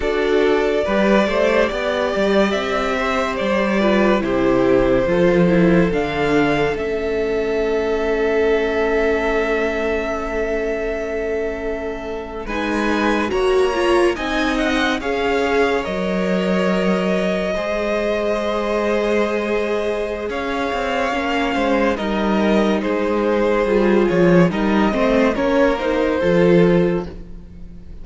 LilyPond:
<<
  \new Staff \with { instrumentName = "violin" } { \time 4/4 \tempo 4 = 71 d''2. e''4 | d''4 c''2 f''4 | e''1~ | e''2~ e''8. gis''4 ais''16~ |
ais''8. gis''8 fis''8 f''4 dis''4~ dis''16~ | dis''1 | f''2 dis''4 c''4~ | c''8 cis''8 dis''4 cis''8 c''4. | }
  \new Staff \with { instrumentName = "violin" } { \time 4/4 a'4 b'8 c''8 d''4. c''8~ | c''8 b'8 g'4 a'2~ | a'1~ | a'2~ a'8. b'4 cis''16~ |
cis''8. dis''4 cis''2~ cis''16~ | cis''8. c''2.~ c''16 | cis''4. c''8 ais'4 gis'4~ | gis'4 ais'8 c''8 ais'4 a'4 | }
  \new Staff \with { instrumentName = "viola" } { \time 4/4 fis'4 g'2.~ | g'8 f'8 e'4 f'8 e'8 d'4 | cis'1~ | cis'2~ cis'8. dis'4 fis'16~ |
fis'16 f'8 dis'4 gis'4 ais'4~ ais'16~ | ais'8. gis'2.~ gis'16~ | gis'4 cis'4 dis'2 | f'4 dis'8 c'8 cis'8 dis'8 f'4 | }
  \new Staff \with { instrumentName = "cello" } { \time 4/4 d'4 g8 a8 b8 g8 c'4 | g4 c4 f4 d4 | a1~ | a2~ a8. gis4 ais16~ |
ais8. c'4 cis'4 fis4~ fis16~ | fis8. gis2.~ gis16 | cis'8 c'8 ais8 gis8 g4 gis4 | g8 f8 g8 a8 ais4 f4 | }
>>